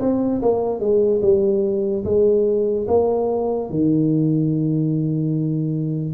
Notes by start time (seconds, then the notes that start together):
0.00 C4
0.42 A#3
0.80 G#3
1.22 G3
2.05 G#3
2.88 A#3
3.70 D#3